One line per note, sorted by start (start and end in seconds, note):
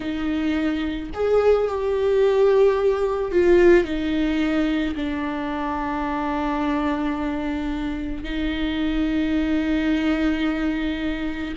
0.00 1.10 D#4
1.14 1.67 G#4
1.67 3.31 G4
3.31 3.84 F4
3.84 4.94 D#4
4.95 8.23 D4
8.23 11.53 D#4